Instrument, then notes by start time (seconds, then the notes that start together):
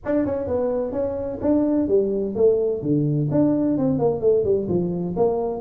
tuba
0.05 D4
0.25 C#4
0.47 B3
0.92 C#4
1.41 D4
1.88 G3
2.35 A3
2.81 D3
3.31 D4
3.77 C4
3.98 A#3
4.20 A3
4.44 G3
4.68 F3
5.16 A#3